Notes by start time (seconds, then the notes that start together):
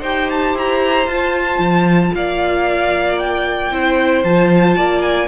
0.00 D#4 G4 C5 G5
0.30 A5
0.54 E4 A#5
1.06 F4 A5
1.58 F3
2.15 A#3 D5 F5
3.18 G5
3.71 C4 E4 C5
4.24 F3 F4 A5
4.76 A#3 D5
5.02 G#5